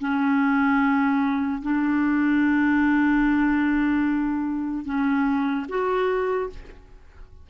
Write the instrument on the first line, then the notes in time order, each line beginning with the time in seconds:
clarinet
0.00 C#4
1.62 D4
4.85 C#4
5.69 F#4